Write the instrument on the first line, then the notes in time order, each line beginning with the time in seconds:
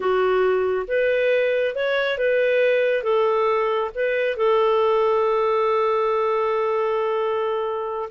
clarinet
0.00 F#4
0.87 B4
1.75 C#5
2.18 B4
3.03 A4
3.94 B4
4.37 A4